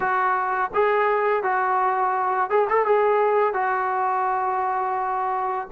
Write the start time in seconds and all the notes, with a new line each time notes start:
0.00 F#4
0.74 G#4
1.43 F#4
2.50 G#4
2.69 A4
2.85 G#4
3.53 F#4